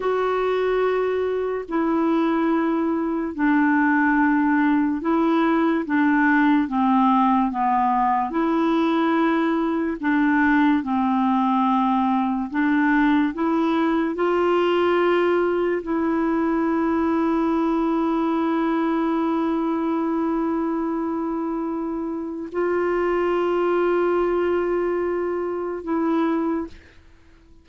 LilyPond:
\new Staff \with { instrumentName = "clarinet" } { \time 4/4 \tempo 4 = 72 fis'2 e'2 | d'2 e'4 d'4 | c'4 b4 e'2 | d'4 c'2 d'4 |
e'4 f'2 e'4~ | e'1~ | e'2. f'4~ | f'2. e'4 | }